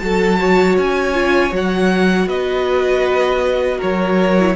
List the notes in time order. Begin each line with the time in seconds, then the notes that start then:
0.00 F#3 F#4 A4 A5
0.40 C#5
0.78 C#4 G#5
1.14 F4
1.51 F#3 F#4 F#5
2.27 B3 B4 D#5
3.78 F#3 A#4 C#5
4.39 E4